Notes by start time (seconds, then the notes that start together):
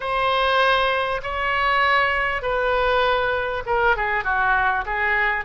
0.00 C5
1.22 C#5
2.42 B4
3.66 A#4
3.96 G#4
4.24 F#4
4.85 G#4